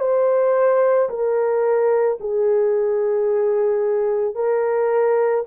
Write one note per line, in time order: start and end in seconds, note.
0.00 1.09 C5
1.09 2.18 A#4
2.20 4.35 G#4
4.35 5.44 A#4